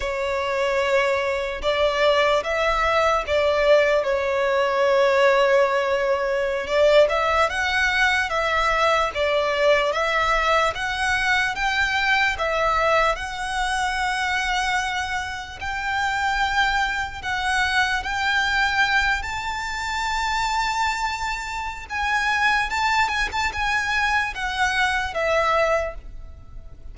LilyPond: \new Staff \with { instrumentName = "violin" } { \time 4/4 \tempo 4 = 74 cis''2 d''4 e''4 | d''4 cis''2.~ | cis''16 d''8 e''8 fis''4 e''4 d''8.~ | d''16 e''4 fis''4 g''4 e''8.~ |
e''16 fis''2. g''8.~ | g''4~ g''16 fis''4 g''4. a''16~ | a''2. gis''4 | a''8 gis''16 a''16 gis''4 fis''4 e''4 | }